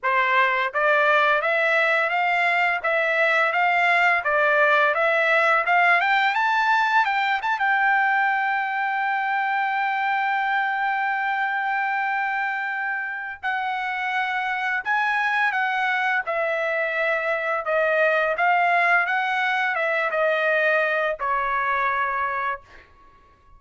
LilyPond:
\new Staff \with { instrumentName = "trumpet" } { \time 4/4 \tempo 4 = 85 c''4 d''4 e''4 f''4 | e''4 f''4 d''4 e''4 | f''8 g''8 a''4 g''8 a''16 g''4~ g''16~ | g''1~ |
g''2. fis''4~ | fis''4 gis''4 fis''4 e''4~ | e''4 dis''4 f''4 fis''4 | e''8 dis''4. cis''2 | }